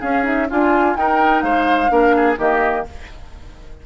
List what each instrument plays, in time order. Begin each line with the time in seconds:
0.00 clarinet C#4, bassoon C#4, oboe G#4, flute F5
0.23 clarinet D#4, flute E5
0.50 bassoon D4, clarinet F4, oboe F4, flute G#5
0.95 bassoon D#4, clarinet D#4, oboe A#4, flute G5
1.41 bassoon G#3, oboe C5, flute F5
1.88 bassoon A#3, clarinet D4, oboe A#4
2.16 oboe G#4
2.38 bassoon D#3, clarinet A#3, oboe G4, flute D#5